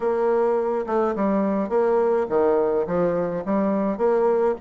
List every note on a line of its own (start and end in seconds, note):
0.00 0.85 A#3
0.86 1.15 A3
1.15 1.69 G3
1.69 2.26 A#3
2.29 2.86 D#3
2.86 3.44 F3
3.45 3.97 G3
3.97 4.54 A#3